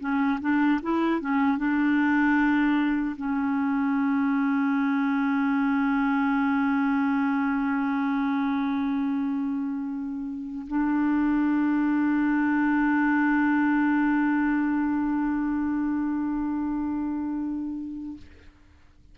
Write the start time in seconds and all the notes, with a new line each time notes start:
0.00 C#4
0.41 D4
0.83 E4
1.21 C#4
1.58 D4
3.17 C#4
10.67 D4